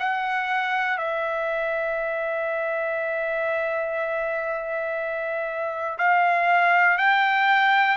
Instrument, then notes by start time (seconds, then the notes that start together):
trumpet
0.00 F#5
0.98 E5
5.99 F5
6.98 G5